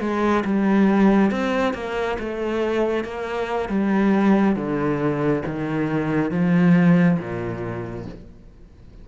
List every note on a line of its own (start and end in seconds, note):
0.00 0.43 G#3
0.44 1.31 G3
1.31 1.74 C4
1.74 2.17 A#3
2.19 3.04 A3
3.04 3.69 A#3
3.69 4.56 G3
4.56 5.43 D3
5.46 6.31 D#3
6.31 7.18 F3
7.19 8.06 A#2